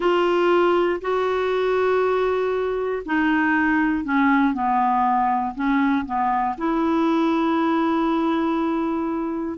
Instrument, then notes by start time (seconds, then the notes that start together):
clarinet
0.00 F4
1.01 F#4
3.05 D#4
4.04 C#4
4.53 B3
5.54 C#4
6.05 B3
6.57 E4